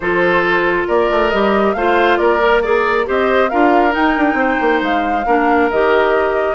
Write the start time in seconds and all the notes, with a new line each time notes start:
0.00 F3 F4 A4 C5
0.87 A#3 A#4 D5
1.10 A3
1.29 G3 G4 D#5
1.73 A3 F4 C5 F5
2.17 A#3 A#4 D5
2.40 A#4
2.62 G#4 A#4 D5
3.05 C4 G4 C5 D#5
3.49 D4 F4 A#4 F5
3.90 D#4 G5
4.17 D4
4.33 C4 C5
4.60 A#3
4.81 G#3 F5
5.25 A#3 D4 A#4
5.71 D#3 G4 D#5